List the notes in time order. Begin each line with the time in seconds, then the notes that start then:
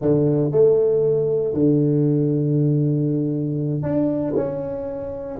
0.01 D3
0.51 A3
1.53 D3
3.82 D4
4.35 C#4